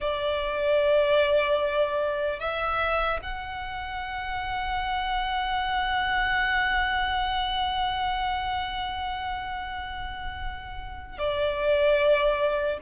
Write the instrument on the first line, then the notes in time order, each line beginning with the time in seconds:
violin
0.00 D5
2.39 E5
3.22 F#5
11.18 D5